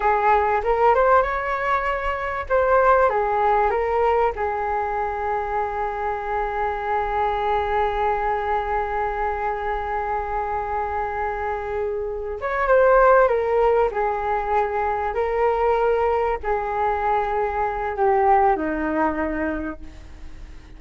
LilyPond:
\new Staff \with { instrumentName = "flute" } { \time 4/4 \tempo 4 = 97 gis'4 ais'8 c''8 cis''2 | c''4 gis'4 ais'4 gis'4~ | gis'1~ | gis'1~ |
gis'1 | cis''8 c''4 ais'4 gis'4.~ | gis'8 ais'2 gis'4.~ | gis'4 g'4 dis'2 | }